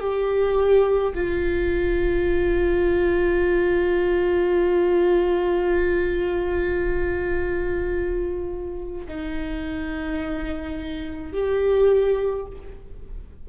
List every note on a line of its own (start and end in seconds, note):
0.00 1.13 G4
1.14 9.07 F4
9.08 11.33 D#4
11.33 12.46 G4